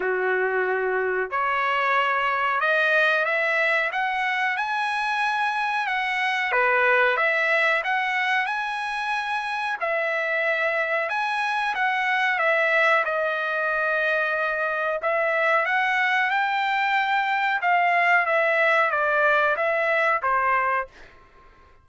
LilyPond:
\new Staff \with { instrumentName = "trumpet" } { \time 4/4 \tempo 4 = 92 fis'2 cis''2 | dis''4 e''4 fis''4 gis''4~ | gis''4 fis''4 b'4 e''4 | fis''4 gis''2 e''4~ |
e''4 gis''4 fis''4 e''4 | dis''2. e''4 | fis''4 g''2 f''4 | e''4 d''4 e''4 c''4 | }